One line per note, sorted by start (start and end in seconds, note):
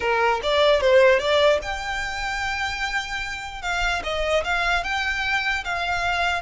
0.00 0.40 A#4
0.42 0.80 D5
0.80 1.19 C5
1.19 1.59 D5
1.62 3.62 G5
3.62 4.02 F5
4.03 4.43 D#5
4.43 4.83 F5
4.83 5.64 G5
5.64 6.42 F5